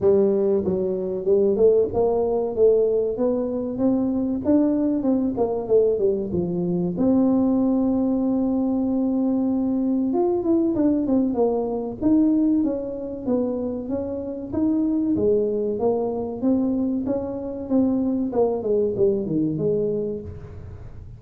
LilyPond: \new Staff \with { instrumentName = "tuba" } { \time 4/4 \tempo 4 = 95 g4 fis4 g8 a8 ais4 | a4 b4 c'4 d'4 | c'8 ais8 a8 g8 f4 c'4~ | c'1 |
f'8 e'8 d'8 c'8 ais4 dis'4 | cis'4 b4 cis'4 dis'4 | gis4 ais4 c'4 cis'4 | c'4 ais8 gis8 g8 dis8 gis4 | }